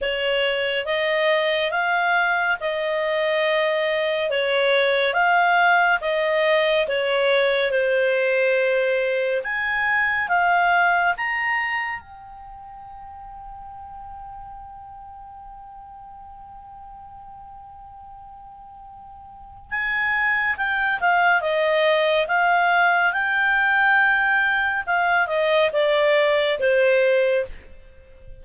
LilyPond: \new Staff \with { instrumentName = "clarinet" } { \time 4/4 \tempo 4 = 70 cis''4 dis''4 f''4 dis''4~ | dis''4 cis''4 f''4 dis''4 | cis''4 c''2 gis''4 | f''4 ais''4 g''2~ |
g''1~ | g''2. gis''4 | g''8 f''8 dis''4 f''4 g''4~ | g''4 f''8 dis''8 d''4 c''4 | }